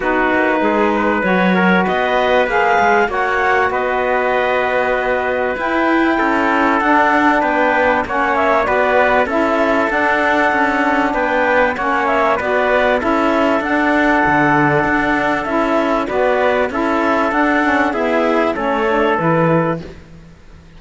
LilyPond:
<<
  \new Staff \with { instrumentName = "clarinet" } { \time 4/4 \tempo 4 = 97 b'2 cis''4 dis''4 | f''4 fis''4 dis''2~ | dis''4 g''2 fis''4 | g''4 fis''8 e''8 d''4 e''4 |
fis''2 g''4 fis''8 e''8 | d''4 e''4 fis''2~ | fis''4 e''4 d''4 e''4 | fis''4 e''4 cis''4 b'4 | }
  \new Staff \with { instrumentName = "trumpet" } { \time 4/4 fis'4 gis'8 b'4 ais'8 b'4~ | b'4 cis''4 b'2~ | b'2 a'2 | b'4 cis''4 b'4 a'4~ |
a'2 b'4 cis''4 | b'4 a'2.~ | a'2 b'4 a'4~ | a'4 gis'4 a'2 | }
  \new Staff \with { instrumentName = "saxophone" } { \time 4/4 dis'2 fis'2 | gis'4 fis'2.~ | fis'4 e'2 d'4~ | d'4 cis'4 fis'4 e'4 |
d'2. cis'4 | fis'4 e'4 d'2~ | d'4 e'4 fis'4 e'4 | d'8 cis'8 b4 cis'8 d'8 e'4 | }
  \new Staff \with { instrumentName = "cello" } { \time 4/4 b8 ais8 gis4 fis4 b4 | ais8 gis8 ais4 b2~ | b4 e'4 cis'4 d'4 | b4 ais4 b4 cis'4 |
d'4 cis'4 b4 ais4 | b4 cis'4 d'4 d4 | d'4 cis'4 b4 cis'4 | d'4 e'4 a4 e4 | }
>>